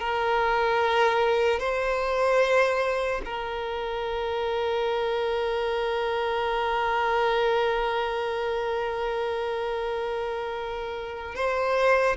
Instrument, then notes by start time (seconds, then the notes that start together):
violin
0.00 A#4
1.60 C5
3.25 A#4
11.36 C5